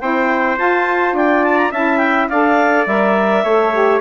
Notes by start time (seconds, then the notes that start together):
0.00 C4 E4 C5 G5
0.57 F4 A5
1.13 D4 D5 G5
1.44 A5
1.57 A#5
1.72 C#4 E4 E5 A5
1.98 G5
2.29 D4 A4 D5 F5
2.86 G3 A#4 E5
3.44 A3 A4 C#5
3.73 G4